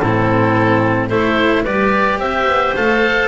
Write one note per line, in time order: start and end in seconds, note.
0.00 1.12 A2
0.00 1.10 C4
0.00 1.08 E4
0.00 1.09 A4
1.08 1.66 A3
1.08 1.65 E4
1.08 1.63 A4
1.08 1.64 C5
1.64 2.18 G3
1.64 2.77 G4
1.64 2.19 B4
1.64 2.20 D5
2.18 2.46 C4
2.18 3.28 C5
2.18 2.75 E5
2.47 2.74 B3
2.77 3.28 A3
2.77 3.28 A4
2.77 3.28 F5